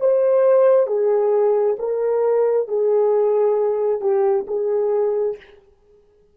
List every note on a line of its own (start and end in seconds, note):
0.00 0.87 C5
0.87 1.76 G#4
1.79 2.68 A#4
2.68 4.01 G#4
4.01 4.46 G4
4.47 5.36 G#4